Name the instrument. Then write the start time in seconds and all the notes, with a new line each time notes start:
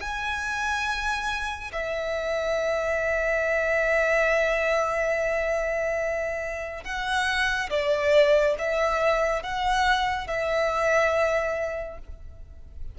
violin
0.00 G#5
1.72 E5
6.83 F#5
7.69 D5
8.58 E5
9.42 F#5
10.27 E5